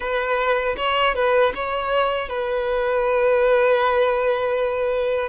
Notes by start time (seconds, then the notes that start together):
0.00 B4
0.76 C#5
1.15 B4
1.55 C#5
2.28 B4